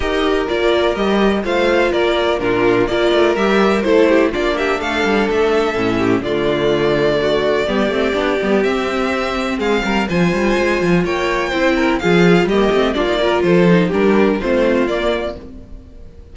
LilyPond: <<
  \new Staff \with { instrumentName = "violin" } { \time 4/4 \tempo 4 = 125 dis''4 d''4 dis''4 f''4 | d''4 ais'4 d''4 e''4 | c''4 d''8 e''8 f''4 e''4~ | e''4 d''2.~ |
d''2 e''2 | f''4 gis''2 g''4~ | g''4 f''4 dis''4 d''4 | c''4 ais'4 c''4 d''4 | }
  \new Staff \with { instrumentName = "violin" } { \time 4/4 ais'2. c''4 | ais'4 f'4 ais'2 | a'8 g'8 f'8 g'8 a'2~ | a'8 g'8 f'2 fis'4 |
g'1 | gis'8 ais'8 c''2 cis''4 | c''8 ais'8 gis'4 g'4 f'8 ais'8 | a'4 g'4 f'2 | }
  \new Staff \with { instrumentName = "viola" } { \time 4/4 g'4 f'4 g'4 f'4~ | f'4 d'4 f'4 g'4 | e'4 d'2. | cis'4 a2. |
b8 c'8 d'8 b8 c'2~ | c'4 f'2. | e'4 f'4 ais8 c'8 d'16 dis'16 f'8~ | f'8 dis'8 d'4 c'4 ais4 | }
  \new Staff \with { instrumentName = "cello" } { \time 4/4 dis'4 ais4 g4 a4 | ais4 ais,4 ais8 a8 g4 | a4 ais4 a8 g8 a4 | a,4 d2. |
g8 a8 b8 g8 c'2 | gis8 g8 f8 g8 gis8 f8 ais4 | c'4 f4 g8 a8 ais4 | f4 g4 a4 ais4 | }
>>